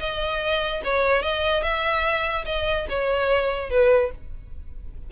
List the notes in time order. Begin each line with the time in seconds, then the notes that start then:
0.00 D#5
0.84 C#5
1.23 D#5
1.63 E5
2.46 D#5
2.90 C#5
3.71 B4